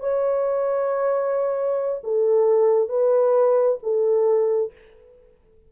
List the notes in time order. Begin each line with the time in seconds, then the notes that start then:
0.00 C#5
2.04 A4
2.89 B4
3.83 A4